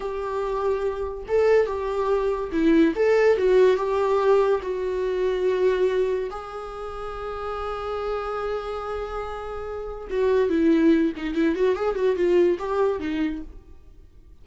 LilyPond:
\new Staff \with { instrumentName = "viola" } { \time 4/4 \tempo 4 = 143 g'2. a'4 | g'2 e'4 a'4 | fis'4 g'2 fis'4~ | fis'2. gis'4~ |
gis'1~ | gis'1 | fis'4 e'4. dis'8 e'8 fis'8 | gis'8 fis'8 f'4 g'4 dis'4 | }